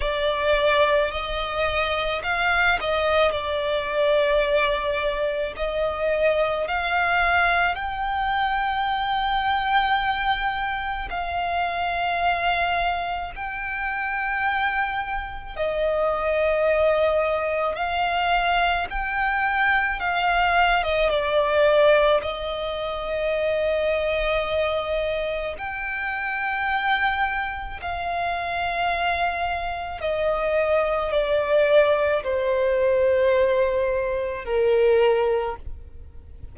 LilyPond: \new Staff \with { instrumentName = "violin" } { \time 4/4 \tempo 4 = 54 d''4 dis''4 f''8 dis''8 d''4~ | d''4 dis''4 f''4 g''4~ | g''2 f''2 | g''2 dis''2 |
f''4 g''4 f''8. dis''16 d''4 | dis''2. g''4~ | g''4 f''2 dis''4 | d''4 c''2 ais'4 | }